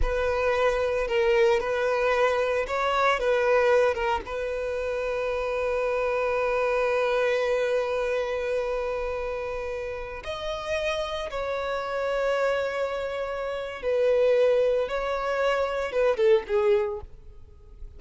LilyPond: \new Staff \with { instrumentName = "violin" } { \time 4/4 \tempo 4 = 113 b'2 ais'4 b'4~ | b'4 cis''4 b'4. ais'8 | b'1~ | b'1~ |
b'2.~ b'16 dis''8.~ | dis''4~ dis''16 cis''2~ cis''8.~ | cis''2 b'2 | cis''2 b'8 a'8 gis'4 | }